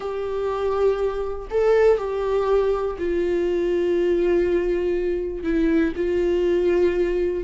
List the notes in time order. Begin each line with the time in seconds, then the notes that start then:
0.00 G4
1.50 A4
1.97 G4
2.98 F4
5.43 E4
5.95 F4